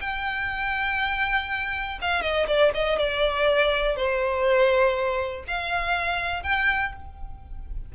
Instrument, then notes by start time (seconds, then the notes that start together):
violin
0.00 G5
2.01 F5
2.22 D#5
2.47 D5
2.74 D#5
2.98 D5
3.96 C5
5.47 F5
6.42 G5